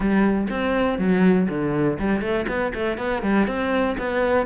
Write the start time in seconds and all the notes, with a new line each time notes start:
0.00 G3
0.50 C4
0.98 F#3
1.49 D3
1.99 G3
2.21 A3
2.48 B3
2.74 A3
2.97 B3
3.22 G3
3.47 C4
3.97 B3